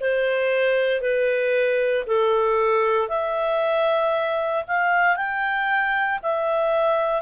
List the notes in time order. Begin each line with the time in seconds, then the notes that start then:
0.00 C5
1.01 B4
2.06 A4
3.08 E5
4.67 F5
5.16 G5
6.23 E5